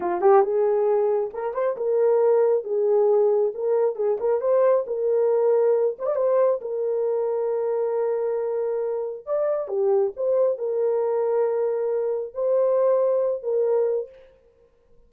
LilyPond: \new Staff \with { instrumentName = "horn" } { \time 4/4 \tempo 4 = 136 f'8 g'8 gis'2 ais'8 c''8 | ais'2 gis'2 | ais'4 gis'8 ais'8 c''4 ais'4~ | ais'4. c''16 d''16 c''4 ais'4~ |
ais'1~ | ais'4 d''4 g'4 c''4 | ais'1 | c''2~ c''8 ais'4. | }